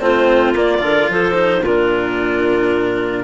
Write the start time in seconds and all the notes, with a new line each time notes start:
0.00 A3 C4 F4 C5
0.54 A#3 D5
0.78 D3 F4 A#4
1.09 F3 A4 C5
1.34 D#4
1.62 A#2 D4 F4 A#4